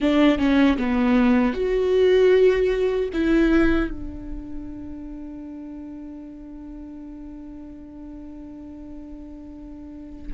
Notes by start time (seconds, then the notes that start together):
0.00 D4
0.38 C#4
0.77 B3
1.53 F#4
3.13 E4
3.90 D4